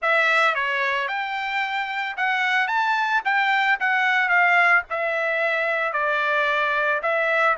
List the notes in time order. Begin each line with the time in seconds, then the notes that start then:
0.01 E5
0.54 C#5
1.08 G5
2.16 F#5
2.67 A5
3.24 G5
3.80 F#5
4.29 F5
4.89 E5
5.93 D5
7.02 E5